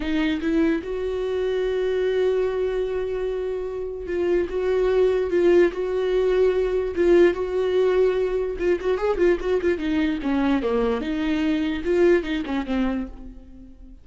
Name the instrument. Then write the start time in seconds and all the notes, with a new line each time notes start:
viola
0.00 D#4
0.41 E4
0.83 F#4
4.06 F4
4.49 F#4
5.30 F4
5.72 F#4
6.95 F4
7.34 F#4
8.58 F4
8.80 F#4
8.97 G#4
9.17 F4
9.40 F#4
9.61 F4
9.78 D#4
10.22 C#4
10.62 A#3
11.00 D#4
11.84 F4
12.23 D#4
12.45 C#4
12.66 C4